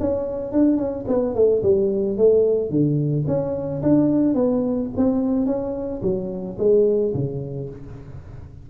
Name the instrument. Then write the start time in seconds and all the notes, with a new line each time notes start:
tuba
0.00 C#4
0.52 D4
0.77 C#4
1.08 B3
1.35 A3
1.63 G3
2.17 A3
2.70 D3
3.27 C#4
3.83 D4
4.35 B3
4.97 C4
5.46 C#4
6.02 F#3
6.58 G#3
7.14 C#3